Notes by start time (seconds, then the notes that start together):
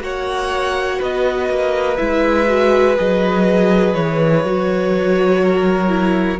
0.00 A#3 F#4 C#5 F#5
0.98 B3 B4 D#5
1.49 A#3
1.97 G#3 E4 E5
2.47 F#4
2.97 F#3 G#4 D#5
3.94 E3 C#5
4.44 F#3 F#4
5.42 A#4
5.89 E4